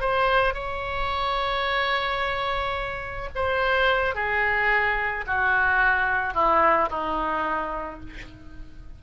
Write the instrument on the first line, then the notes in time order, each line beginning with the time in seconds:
oboe
0.00 C5
0.54 C#5
3.35 C5
4.14 G#4
5.27 F#4
6.34 E4
6.90 D#4